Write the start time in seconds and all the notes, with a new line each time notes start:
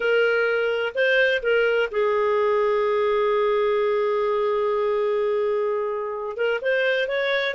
0.00 A#4
0.94 C5
1.42 A#4
1.91 G#4
6.37 A#4
6.61 C5
7.08 C#5